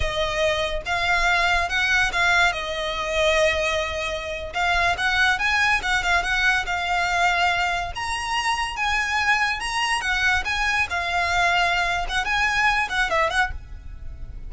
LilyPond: \new Staff \with { instrumentName = "violin" } { \time 4/4 \tempo 4 = 142 dis''2 f''2 | fis''4 f''4 dis''2~ | dis''2~ dis''8. f''4 fis''16~ | fis''8. gis''4 fis''8 f''8 fis''4 f''16~ |
f''2~ f''8. ais''4~ ais''16~ | ais''8. gis''2 ais''4 fis''16~ | fis''8. gis''4 f''2~ f''16~ | f''8 fis''8 gis''4. fis''8 e''8 fis''8 | }